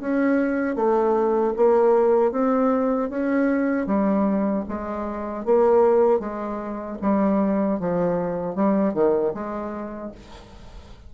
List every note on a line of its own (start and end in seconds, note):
0.00 0.76 C#4
0.76 1.54 A3
1.57 2.32 A#3
2.32 3.10 C4
3.10 3.86 C#4
3.86 4.64 G3
4.68 5.45 G#3
5.45 6.19 A#3
6.19 6.97 G#3
7.02 7.80 G3
7.80 8.55 F3
8.55 8.94 G3
8.94 9.33 D#3
9.34 10.12 G#3